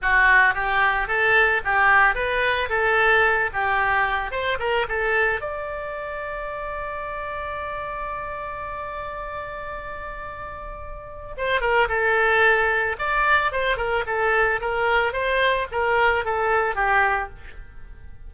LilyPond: \new Staff \with { instrumentName = "oboe" } { \time 4/4 \tempo 4 = 111 fis'4 g'4 a'4 g'4 | b'4 a'4. g'4. | c''8 ais'8 a'4 d''2~ | d''1~ |
d''1~ | d''4 c''8 ais'8 a'2 | d''4 c''8 ais'8 a'4 ais'4 | c''4 ais'4 a'4 g'4 | }